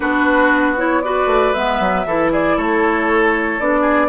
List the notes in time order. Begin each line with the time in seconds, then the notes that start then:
0.00 B3 D4 F#4 B4
0.77 E4 C#5
1.02 F#4 B4 D5
1.26 A3
1.53 G#3 B3 E5
1.79 F#3
2.05 E3 E4 A4
2.32 G#4 D5
2.56 A3 A4 C#5
3.59 B3 D4 D5
3.81 G#4